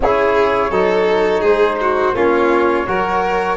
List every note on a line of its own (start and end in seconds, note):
0.00 0.70 C#4
0.00 0.71 E4
0.00 0.70 G#4
0.00 1.44 C#5
0.70 1.42 F#3
0.70 2.14 D#4
0.70 1.40 A4
1.40 2.13 G#3
1.40 1.76 G#4
1.40 2.15 C5
1.81 2.15 F#4
2.14 2.86 A#3
2.14 2.86 C#4
2.14 2.86 F4
2.14 3.57 C#5
2.86 3.57 F#3
2.86 3.57 F#4
2.86 3.57 A#4